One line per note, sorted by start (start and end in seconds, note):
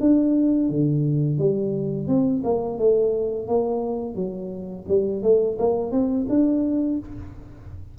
0.00 0.69 D4
0.69 1.38 D3
1.38 2.07 G3
2.07 2.42 C4
2.44 2.78 A#3
2.78 3.47 A3
3.47 4.15 A#3
4.15 4.85 F#3
4.88 5.23 G3
5.23 5.58 A3
5.58 5.91 A#3
5.91 6.26 C4
6.29 6.98 D4